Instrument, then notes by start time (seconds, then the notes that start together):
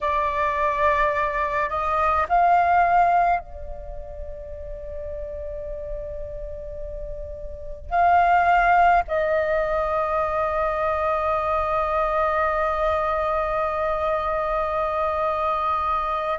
flute
0.00 D5
1.69 D#5
2.28 F5
3.40 D5
7.89 F5
9.07 D#5